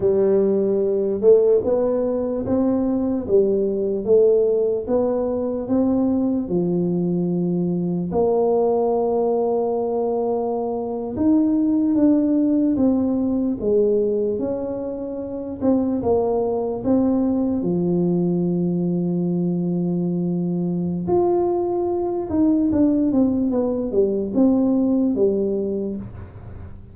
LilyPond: \new Staff \with { instrumentName = "tuba" } { \time 4/4 \tempo 4 = 74 g4. a8 b4 c'4 | g4 a4 b4 c'4 | f2 ais2~ | ais4.~ ais16 dis'4 d'4 c'16~ |
c'8. gis4 cis'4. c'8 ais16~ | ais8. c'4 f2~ f16~ | f2 f'4. dis'8 | d'8 c'8 b8 g8 c'4 g4 | }